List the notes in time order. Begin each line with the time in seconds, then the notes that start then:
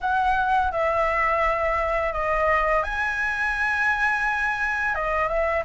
0.00 F#5
0.71 E5
2.12 D#5
2.83 G#5
4.94 D#5
5.28 E5